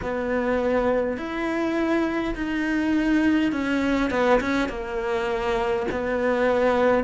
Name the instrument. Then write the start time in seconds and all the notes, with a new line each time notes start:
cello
0.02 B3
1.17 E4
2.35 D#4
3.51 C#4
4.10 B3
4.40 C#4
4.68 A#3
5.91 B3